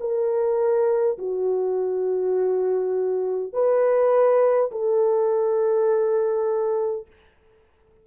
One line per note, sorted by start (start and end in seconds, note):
0.00 1.18 A#4
1.18 3.53 F#4
3.53 4.71 B4
4.71 7.06 A4